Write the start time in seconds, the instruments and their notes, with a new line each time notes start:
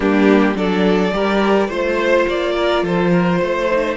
0.00 cello G3, viola A#3, violin D4 G4
0.54 cello F#3, viola D4, violin A4 D5
1.12 cello G3, viola G4, violin A#4
1.67 cello A3, viola F4, violin C5
2.27 cello A#3, violin D5
2.56 violin A#4
2.82 cello F3, violin A4 C5
3.10 violin A#4
3.38 cello A3, violin C5
3.71 viola D#4